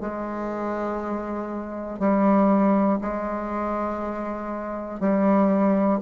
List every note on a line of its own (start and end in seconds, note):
0.00 1.99 G#3
1.99 2.99 G3
3.00 5.00 G#3
5.00 6.00 G3